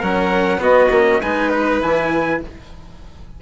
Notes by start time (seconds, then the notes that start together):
0.00 F#3 C#4 A#4 F#5
0.58 B3 F#4 D#5
0.91 A#3 C#4
1.21 G#3 D#4 B4 G#5
1.50 B4
1.82 E3 E4 G#5